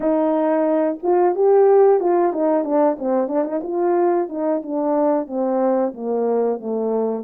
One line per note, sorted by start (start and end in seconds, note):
0.00 0.98 D#4
1.02 1.35 F4
1.35 2.00 G4
2.00 2.32 F4
2.32 2.64 D#4
2.64 2.97 D4
2.99 3.28 C4
3.28 3.44 D4
3.44 3.61 D#4
3.63 4.29 F4
4.29 4.62 D#4
4.62 5.27 D4
5.27 5.93 C4
5.94 6.60 A#3
6.60 7.24 A3